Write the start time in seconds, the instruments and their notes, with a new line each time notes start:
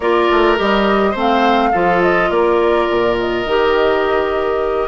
0.00 bassoon A#3, clarinet F4, oboe A#4, flute D5
0.31 bassoon A3
0.56 bassoon G3, clarinet G4, flute D#5
1.11 bassoon A3, clarinet C4, oboe C5
1.19 flute F5
1.72 bassoon F3, clarinet F4, oboe A4
2.02 flute D#5
2.29 bassoon A#3, oboe A#4, flute D5
2.90 bassoon A#2
3.19 flute D#5
3.45 bassoon D#3, clarinet G4